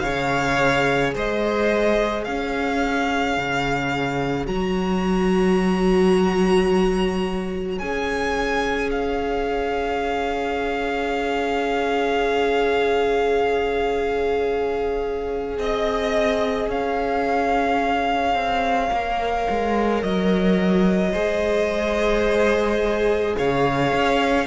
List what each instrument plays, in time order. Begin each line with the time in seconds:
0.00 cello C#3, viola G#4, violin C#5 F5
1.15 cello G#3, violin C5 D#5
2.25 cello C#4, violin C#5 F5
3.38 cello C#3
4.47 cello F#3, viola F#4, violin A#5
7.79 cello C#4, viola G#4, violin G#5
8.92 violin F5
15.59 cello C4, violin D#5
16.69 cello C#4, violin C#5 F5
18.35 cello C4
18.89 cello A#3, viola A#4
19.50 cello G#3
20.03 cello F#3, violin D#5
21.13 cello G#3, viola G#4, violin C5
23.37 cello C#3, violin C#5 F5
23.93 cello C#4